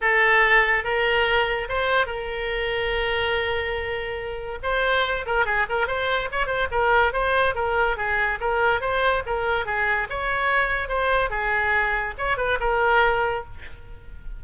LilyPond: \new Staff \with { instrumentName = "oboe" } { \time 4/4 \tempo 4 = 143 a'2 ais'2 | c''4 ais'2.~ | ais'2. c''4~ | c''8 ais'8 gis'8 ais'8 c''4 cis''8 c''8 |
ais'4 c''4 ais'4 gis'4 | ais'4 c''4 ais'4 gis'4 | cis''2 c''4 gis'4~ | gis'4 cis''8 b'8 ais'2 | }